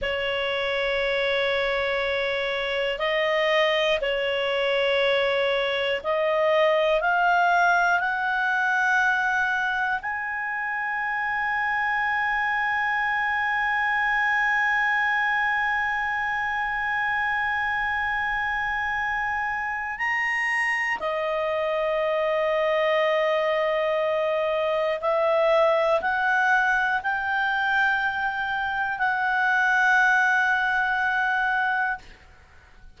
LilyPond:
\new Staff \with { instrumentName = "clarinet" } { \time 4/4 \tempo 4 = 60 cis''2. dis''4 | cis''2 dis''4 f''4 | fis''2 gis''2~ | gis''1~ |
gis''1 | ais''4 dis''2.~ | dis''4 e''4 fis''4 g''4~ | g''4 fis''2. | }